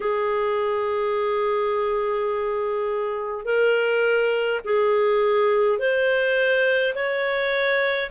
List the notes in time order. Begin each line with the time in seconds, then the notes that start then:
0.00 G#4
3.45 A#4
4.64 G#4
5.78 C5
6.94 C#5